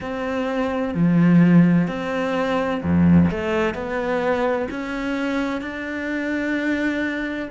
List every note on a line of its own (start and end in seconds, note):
0.00 0.94 C4
0.94 1.87 F3
1.87 2.81 C4
2.83 3.30 F2
3.30 3.74 A3
3.74 4.67 B3
4.70 5.61 C#4
5.61 7.48 D4